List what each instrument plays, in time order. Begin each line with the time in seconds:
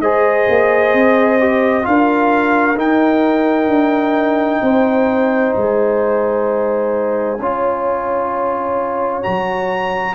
0.00 tuba G#3, trombone G#4, horn C5, trumpet D#5
0.49 tuba A#3
0.94 tuba C4
1.40 trombone G4
1.83 tuba D4, trombone F4, horn A#4, trumpet F5
2.76 tuba D#4, trombone D#4, trumpet G5
3.68 tuba D4
4.62 tuba C4, horn C5
5.56 tuba G#3, trumpet G#5
7.39 tuba C#4, trombone F4, horn C#5
9.23 tuba F#3, trombone F#4, trumpet A#5